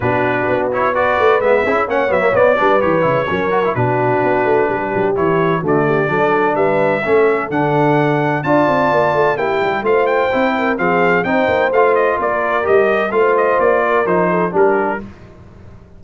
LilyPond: <<
  \new Staff \with { instrumentName = "trumpet" } { \time 4/4 \tempo 4 = 128 b'4. cis''8 d''4 e''4 | fis''8 e''8 d''4 cis''2 | b'2. cis''4 | d''2 e''2 |
fis''2 a''2 | g''4 f''8 g''4. f''4 | g''4 f''8 dis''8 d''4 dis''4 | f''8 dis''8 d''4 c''4 ais'4 | }
  \new Staff \with { instrumentName = "horn" } { \time 4/4 fis'2 b'4. gis'8 | cis''4. b'4. ais'4 | fis'2 g'2 | fis'8 g'8 a'4 b'4 a'4~ |
a'2 d''2 | g'4 c''4. ais'8 gis'4 | c''2 ais'2 | c''4. ais'4 a'8 g'4 | }
  \new Staff \with { instrumentName = "trombone" } { \time 4/4 d'4. e'8 fis'4 b8 e'8 | cis'8 b16 ais16 b8 d'8 g'8 e'8 cis'8 fis'16 e'16 | d'2. e'4 | a4 d'2 cis'4 |
d'2 f'2 | e'4 f'4 e'4 c'4 | dis'4 f'2 g'4 | f'2 dis'4 d'4 | }
  \new Staff \with { instrumentName = "tuba" } { \time 4/4 b,4 b4. a8 gis8 cis'8 | ais8 fis8 b8 g8 e8 cis8 fis4 | b,4 b8 a8 g8 fis8 e4 | d4 fis4 g4 a4 |
d2 d'8 c'8 ais8 a8 | ais8 g8 a4 c'4 f4 | c'8 ais8 a4 ais4 g4 | a4 ais4 f4 g4 | }
>>